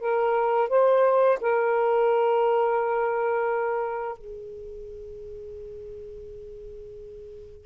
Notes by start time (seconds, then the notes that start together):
0.00 A#4
0.69 C5
1.40 A#4
4.18 G#4